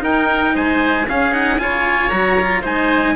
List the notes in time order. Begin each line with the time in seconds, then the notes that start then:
0.00 D#4 A#4 G5
0.55 G#3 C5 G#5
1.08 C#4 G#4 F5
1.32 D#4 F#5
1.59 C#3 F4 C#5 G#5
2.10 F#3 F#4 A#5
2.41 F4
2.61 G#3 D#4 C5 G#5